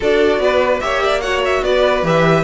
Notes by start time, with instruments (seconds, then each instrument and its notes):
0.00 cello D4, viola F#4, violin A4 D5
0.38 cello B3, violin B4
0.80 cello A#3, viola G4, violin C#5 E5
1.03 violin D5
1.20 viola F#4, violin C#5 F#5
1.45 violin E5
1.62 cello B3, violin B4 D5
2.03 cello E3, viola G4, violin E5